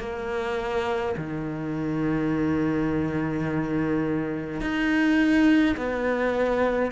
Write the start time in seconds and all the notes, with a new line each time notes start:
0.00 A#3
1.18 D#3
4.62 D#4
5.77 B3